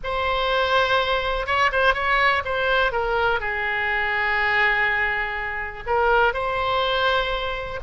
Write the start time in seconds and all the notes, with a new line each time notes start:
0.03 C5
1.46 C#5
1.71 C5
1.94 C#5
2.45 C5
2.92 A#4
3.39 G#4
5.86 A#4
6.33 C5